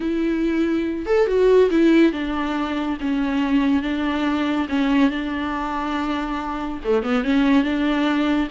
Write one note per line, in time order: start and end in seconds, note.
0.00 1.06 E4
1.06 1.27 A4
1.27 1.69 F#4
1.70 2.12 E4
2.12 2.97 D4
3.00 3.82 C#4
3.82 4.67 D4
4.68 5.10 C#4
5.10 6.80 D4
6.84 7.02 A3
7.02 7.23 B3
7.24 7.63 C#4
7.63 8.48 D4